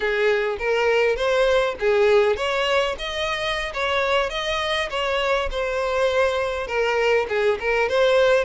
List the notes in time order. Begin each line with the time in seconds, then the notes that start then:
0.00 G#4
0.58 A#4
1.16 C5
1.79 G#4
2.36 C#5
2.98 D#5
3.73 C#5
4.29 D#5
4.90 C#5
5.50 C5
6.67 A#4
7.29 G#4
7.60 A#4
7.88 C5